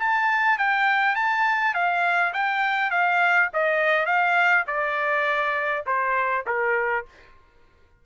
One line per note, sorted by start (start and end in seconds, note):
0.00 0.59 A5
0.59 1.16 G5
1.16 1.75 A5
1.75 2.34 F5
2.34 2.91 G5
2.91 3.50 F5
3.54 4.06 D#5
4.06 4.65 F5
4.68 5.85 D5
5.87 6.46 C5
6.47 7.06 A#4